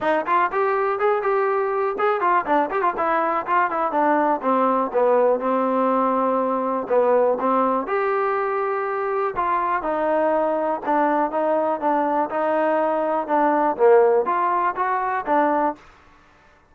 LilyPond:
\new Staff \with { instrumentName = "trombone" } { \time 4/4 \tempo 4 = 122 dis'8 f'8 g'4 gis'8 g'4. | gis'8 f'8 d'8 g'16 f'16 e'4 f'8 e'8 | d'4 c'4 b4 c'4~ | c'2 b4 c'4 |
g'2. f'4 | dis'2 d'4 dis'4 | d'4 dis'2 d'4 | ais4 f'4 fis'4 d'4 | }